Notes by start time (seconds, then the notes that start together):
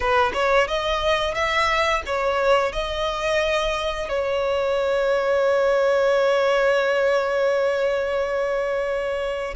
0.00 B4
0.33 C#5
0.67 D#5
1.34 E5
2.05 C#5
2.72 D#5
4.08 C#5